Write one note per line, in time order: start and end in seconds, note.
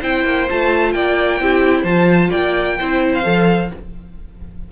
0.00 0.24 C4
0.00 0.48 E4
0.00 0.92 C5
0.00 0.49 G5
0.24 0.47 A#3
0.50 0.95 A3
0.50 1.41 F4
0.50 0.92 A5
0.92 1.41 A#3
0.92 1.41 D5
0.92 1.84 G5
1.41 1.84 C4
1.41 1.87 E4
1.41 1.82 G4
1.82 2.30 F3
1.82 2.79 F4
1.82 2.29 C5
1.82 2.30 A5
2.30 2.80 A#3
2.30 2.76 D5
2.30 3.12 G5
2.80 3.25 C4
2.80 3.24 E4
2.80 3.72 C5
3.14 3.72 F5
3.24 3.71 F3
3.24 3.70 A4